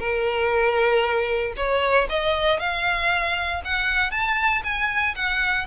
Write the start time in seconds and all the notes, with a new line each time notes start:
0.00 A#4
1.57 C#5
2.10 D#5
2.60 F5
3.65 F#5
4.11 A5
4.64 G#5
5.16 F#5